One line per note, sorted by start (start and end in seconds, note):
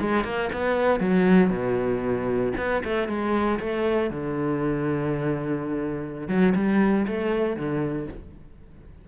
0.00 0.24 G#3
0.24 0.49 A#3
0.52 0.99 B3
0.99 1.50 F#3
1.50 2.52 B2
2.57 2.82 B3
2.84 3.07 A3
3.07 3.59 G#3
3.59 4.10 A3
4.10 6.28 D3
6.28 6.53 F#3
6.55 7.06 G3
7.07 7.56 A3
7.56 8.07 D3